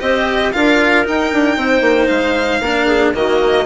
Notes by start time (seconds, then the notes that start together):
0.00 C4 G4 C5 D#5
0.52 D4 F4 A#4 F5
1.04 D#4 G5
1.33 D4
1.57 C4 C5
1.81 A#3
2.07 G#3 F5
2.61 A#3 D4 A#4
2.86 G#4
3.13 D#3 A#3 F#4 D#5